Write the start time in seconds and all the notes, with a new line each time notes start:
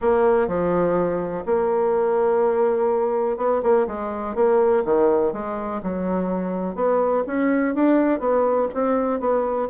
0.01 A#3
0.47 F3
1.45 A#3
3.37 B3
3.62 A#3
3.87 G#3
4.35 A#3
4.84 D#3
5.32 G#3
5.82 F#3
6.75 B3
7.26 C#4
7.75 D4
8.19 B3
8.74 C4
9.20 B3